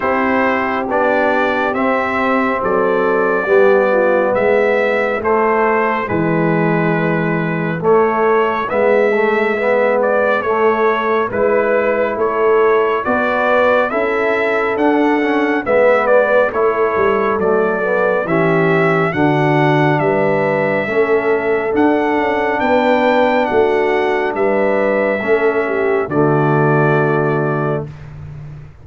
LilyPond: <<
  \new Staff \with { instrumentName = "trumpet" } { \time 4/4 \tempo 4 = 69 c''4 d''4 e''4 d''4~ | d''4 e''4 c''4 b'4~ | b'4 cis''4 e''4. d''8 | cis''4 b'4 cis''4 d''4 |
e''4 fis''4 e''8 d''8 cis''4 | d''4 e''4 fis''4 e''4~ | e''4 fis''4 g''4 fis''4 | e''2 d''2 | }
  \new Staff \with { instrumentName = "horn" } { \time 4/4 g'2. a'4 | g'8 f'8 e'2.~ | e'1~ | e'4 b'4 a'4 b'4 |
a'2 b'4 a'4~ | a'4 g'4 fis'4 b'4 | a'2 b'4 fis'4 | b'4 a'8 g'8 fis'2 | }
  \new Staff \with { instrumentName = "trombone" } { \time 4/4 e'4 d'4 c'2 | b2 a4 gis4~ | gis4 a4 b8 a8 b4 | a4 e'2 fis'4 |
e'4 d'8 cis'8 b4 e'4 | a8 b8 cis'4 d'2 | cis'4 d'2.~ | d'4 cis'4 a2 | }
  \new Staff \with { instrumentName = "tuba" } { \time 4/4 c'4 b4 c'4 fis4 | g4 gis4 a4 e4~ | e4 a4 gis2 | a4 gis4 a4 b4 |
cis'4 d'4 gis4 a8 g8 | fis4 e4 d4 g4 | a4 d'8 cis'8 b4 a4 | g4 a4 d2 | }
>>